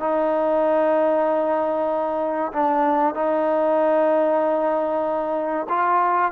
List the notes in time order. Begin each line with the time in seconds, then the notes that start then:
0.00 D#4
2.53 D4
3.15 D#4
5.70 F4